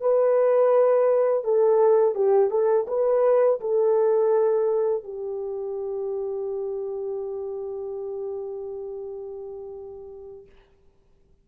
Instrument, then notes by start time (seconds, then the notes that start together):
horn
0.00 B4
1.44 A4
2.14 G4
2.50 A4
2.87 B4
3.60 A4
5.03 G4